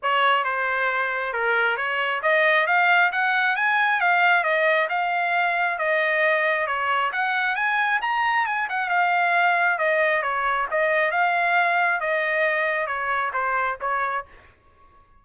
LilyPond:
\new Staff \with { instrumentName = "trumpet" } { \time 4/4 \tempo 4 = 135 cis''4 c''2 ais'4 | cis''4 dis''4 f''4 fis''4 | gis''4 f''4 dis''4 f''4~ | f''4 dis''2 cis''4 |
fis''4 gis''4 ais''4 gis''8 fis''8 | f''2 dis''4 cis''4 | dis''4 f''2 dis''4~ | dis''4 cis''4 c''4 cis''4 | }